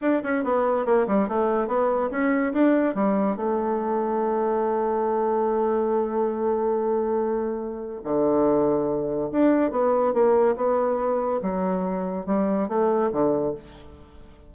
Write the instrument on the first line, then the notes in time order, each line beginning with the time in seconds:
bassoon
0.01 D4
0.23 C#4
0.44 B3
0.85 A#3
1.07 G3
1.28 A3
1.67 B3
2.10 C#4
2.53 D4
2.94 G3
3.36 A3
8.04 D3
9.31 D4
9.71 B3
10.13 A#3
10.56 B3
11.41 F#3
12.26 G3
12.68 A3
13.12 D3